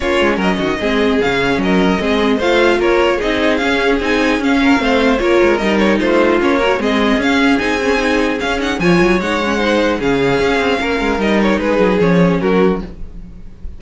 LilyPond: <<
  \new Staff \with { instrumentName = "violin" } { \time 4/4 \tempo 4 = 150 cis''4 dis''2 f''4 | dis''2 f''4 cis''4 | dis''4 f''4 gis''4 f''4~ | f''4 cis''4 dis''8 cis''8 c''4 |
cis''4 dis''4 f''4 gis''4~ | gis''4 f''8 fis''8 gis''4 fis''4~ | fis''4 f''2. | dis''8 cis''8 b'4 cis''4 ais'4 | }
  \new Staff \with { instrumentName = "violin" } { \time 4/4 f'4 ais'8 fis'8 gis'2 | ais'4 gis'4 c''4 ais'4 | gis'2.~ gis'8 ais'8 | c''4 ais'2 f'4~ |
f'8 ais'8 gis'2.~ | gis'2 cis''2 | c''4 gis'2 ais'4~ | ais'4 gis'2 fis'4 | }
  \new Staff \with { instrumentName = "viola" } { \time 4/4 cis'2 c'4 cis'4~ | cis'4 c'4 f'2 | dis'4 cis'4 dis'4 cis'4 | c'4 f'4 dis'2 |
cis'8 fis'8 c'4 cis'4 dis'8 cis'8 | dis'4 cis'8 dis'8 f'4 dis'8 cis'8 | dis'4 cis'2. | dis'2 cis'2 | }
  \new Staff \with { instrumentName = "cello" } { \time 4/4 ais8 gis8 fis8 dis8 gis4 cis4 | fis4 gis4 a4 ais4 | c'4 cis'4 c'4 cis'4 | a4 ais8 gis8 g4 a4 |
ais4 gis4 cis'4 c'4~ | c'4 cis'4 f8 fis8 gis4~ | gis4 cis4 cis'8 c'8 ais8 gis8 | g4 gis8 fis8 f4 fis4 | }
>>